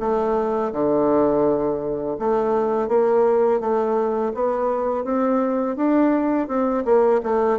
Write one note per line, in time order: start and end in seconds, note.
0.00 0.72 A3
0.73 2.17 D3
2.19 2.88 A3
2.88 3.60 A#3
3.60 4.32 A3
4.34 5.04 B3
5.04 5.76 C4
5.76 6.48 D4
6.48 6.84 C4
6.85 7.21 A#3
7.23 7.59 A3